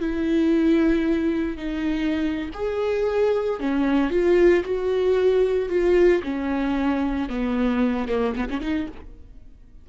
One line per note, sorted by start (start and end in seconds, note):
0.00 1.57 E4
1.57 2.50 D#4
2.54 3.60 G#4
3.60 4.10 C#4
4.10 4.63 F4
4.64 5.69 F#4
5.69 6.22 F4
6.23 7.29 C#4
7.29 8.08 B3
8.08 8.35 A#3
8.36 8.49 B3
8.50 8.61 C#4
8.61 8.87 D#4